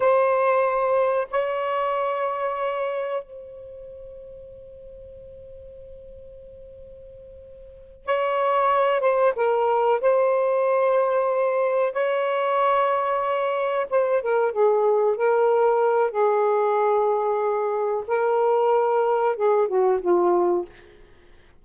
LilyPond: \new Staff \with { instrumentName = "saxophone" } { \time 4/4 \tempo 4 = 93 c''2 cis''2~ | cis''4 c''2.~ | c''1~ | c''8 cis''4. c''8 ais'4 c''8~ |
c''2~ c''8 cis''4.~ | cis''4. c''8 ais'8 gis'4 ais'8~ | ais'4 gis'2. | ais'2 gis'8 fis'8 f'4 | }